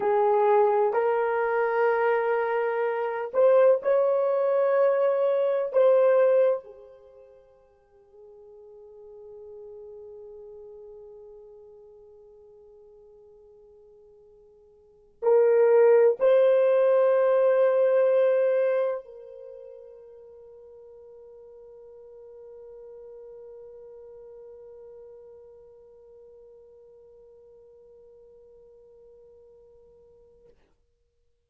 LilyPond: \new Staff \with { instrumentName = "horn" } { \time 4/4 \tempo 4 = 63 gis'4 ais'2~ ais'8 c''8 | cis''2 c''4 gis'4~ | gis'1~ | gis'1 |
ais'4 c''2. | ais'1~ | ais'1~ | ais'1 | }